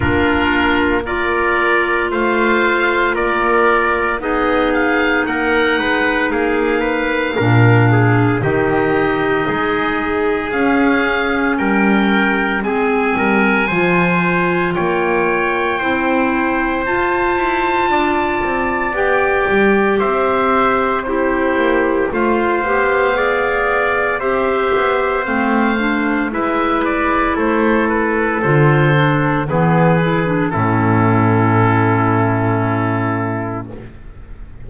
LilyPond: <<
  \new Staff \with { instrumentName = "oboe" } { \time 4/4 \tempo 4 = 57 ais'4 d''4 f''4 d''4 | dis''8 f''8 fis''4 f''2 | dis''2 f''4 g''4 | gis''2 g''2 |
a''2 g''4 e''4 | c''4 f''2 e''4 | f''4 e''8 d''8 c''8 b'8 c''4 | b'4 a'2. | }
  \new Staff \with { instrumentName = "trumpet" } { \time 4/4 f'4 ais'4 c''4 ais'4 | gis'4 ais'8 b'8 gis'8 b'8 ais'8 gis'8 | g'4 gis'2 ais'4 | gis'8 ais'8 c''4 cis''4 c''4~ |
c''4 d''2 c''4 | g'4 c''4 d''4 c''4~ | c''4 b'4 a'2 | gis'4 e'2. | }
  \new Staff \with { instrumentName = "clarinet" } { \time 4/4 d'4 f'2. | dis'2. d'4 | dis'2 cis'2 | c'4 f'2 e'4 |
f'2 g'2 | e'4 f'8 g'8 gis'4 g'4 | c'8 d'8 e'2 f'8 d'8 | b8 e'16 d'16 cis'2. | }
  \new Staff \with { instrumentName = "double bass" } { \time 4/4 ais2 a4 ais4 | b4 ais8 gis8 ais4 ais,4 | dis4 gis4 cis'4 g4 | gis8 g8 f4 ais4 c'4 |
f'8 e'8 d'8 c'8 b8 g8 c'4~ | c'8 ais8 a8 b4. c'8 b8 | a4 gis4 a4 d4 | e4 a,2. | }
>>